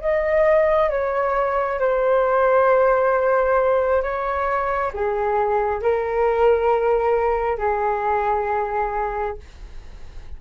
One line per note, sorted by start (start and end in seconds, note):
0.00 0.90 D#5
0.90 1.79 C#5
1.79 4.03 C5
4.03 4.92 C#5
4.93 5.82 G#4
5.82 7.58 A#4
7.58 9.37 G#4